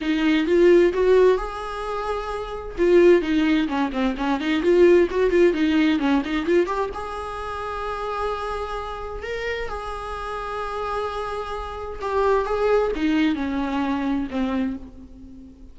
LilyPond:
\new Staff \with { instrumentName = "viola" } { \time 4/4 \tempo 4 = 130 dis'4 f'4 fis'4 gis'4~ | gis'2 f'4 dis'4 | cis'8 c'8 cis'8 dis'8 f'4 fis'8 f'8 | dis'4 cis'8 dis'8 f'8 g'8 gis'4~ |
gis'1 | ais'4 gis'2.~ | gis'2 g'4 gis'4 | dis'4 cis'2 c'4 | }